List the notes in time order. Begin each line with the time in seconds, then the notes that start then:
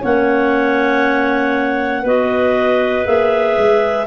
0.00 A#3 C#4 C#5 F#5
2.01 B3 F#4 B4 D#5
3.04 A#3 G#4 E5
3.57 G#3